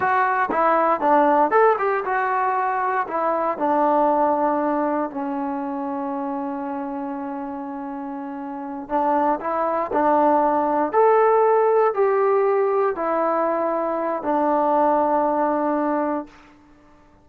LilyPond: \new Staff \with { instrumentName = "trombone" } { \time 4/4 \tempo 4 = 118 fis'4 e'4 d'4 a'8 g'8 | fis'2 e'4 d'4~ | d'2 cis'2~ | cis'1~ |
cis'4. d'4 e'4 d'8~ | d'4. a'2 g'8~ | g'4. e'2~ e'8 | d'1 | }